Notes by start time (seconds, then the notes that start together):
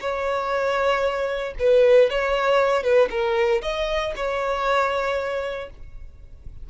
0.00 C#5
1.59 B4
2.10 C#5
2.83 B4
3.10 A#4
3.62 D#5
4.16 C#5